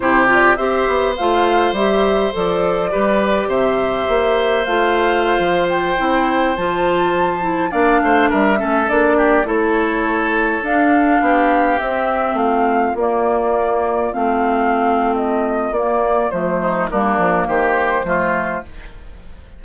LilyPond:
<<
  \new Staff \with { instrumentName = "flute" } { \time 4/4 \tempo 4 = 103 c''8 d''8 e''4 f''4 e''4 | d''2 e''2 | f''4.~ f''16 g''4. a''8.~ | a''4~ a''16 f''4 e''4 d''8.~ |
d''16 cis''2 f''4.~ f''16~ | f''16 e''4 f''4 d''4.~ d''16~ | d''16 f''4.~ f''16 dis''4 d''4 | c''4 ais'4 c''2 | }
  \new Staff \with { instrumentName = "oboe" } { \time 4/4 g'4 c''2.~ | c''4 b'4 c''2~ | c''1~ | c''4~ c''16 d''8 c''8 ais'8 a'4 g'16~ |
g'16 a'2. g'8.~ | g'4~ g'16 f'2~ f'8.~ | f'1~ | f'8 dis'8 d'4 g'4 f'4 | }
  \new Staff \with { instrumentName = "clarinet" } { \time 4/4 e'8 f'8 g'4 f'4 g'4 | a'4 g'2. | f'2~ f'16 e'4 f'8.~ | f'8. e'8 d'4. cis'8 d'8.~ |
d'16 e'2 d'4.~ d'16~ | d'16 c'2 ais4.~ ais16~ | ais16 c'2~ c'8. ais4 | a4 ais2 a4 | }
  \new Staff \with { instrumentName = "bassoon" } { \time 4/4 c4 c'8 b8 a4 g4 | f4 g4 c4 ais4 | a4~ a16 f4 c'4 f8.~ | f4~ f16 ais8 a8 g8 a8 ais8.~ |
ais16 a2 d'4 b8.~ | b16 c'4 a4 ais4.~ ais16~ | ais16 a2~ a8. ais4 | f4 g8 f8 dis4 f4 | }
>>